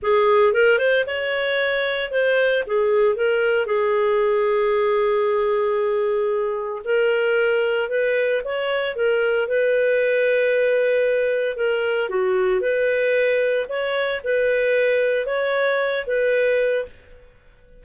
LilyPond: \new Staff \with { instrumentName = "clarinet" } { \time 4/4 \tempo 4 = 114 gis'4 ais'8 c''8 cis''2 | c''4 gis'4 ais'4 gis'4~ | gis'1~ | gis'4 ais'2 b'4 |
cis''4 ais'4 b'2~ | b'2 ais'4 fis'4 | b'2 cis''4 b'4~ | b'4 cis''4. b'4. | }